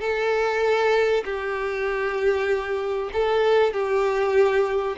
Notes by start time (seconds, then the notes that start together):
0.00 A4
1.25 G4
3.13 A4
3.73 G4